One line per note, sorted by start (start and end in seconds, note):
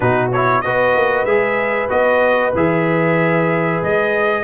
0.00 0.64 B2
0.00 0.30 D#4
0.00 0.63 F#4
0.00 0.31 B4
0.32 0.64 E4
0.32 0.61 C#5
0.61 0.95 B3
0.61 1.27 F#4
0.61 4.44 B4
0.61 1.25 D#5
0.95 1.25 A#3
1.25 1.89 G#3
1.25 1.88 G#4
1.25 1.89 E5
1.88 2.54 B3
1.88 2.52 F#4
1.88 2.53 D#5
2.54 3.82 E3
2.54 4.44 G#4
2.54 3.83 E5
3.82 4.44 G#3
3.82 4.44 D#5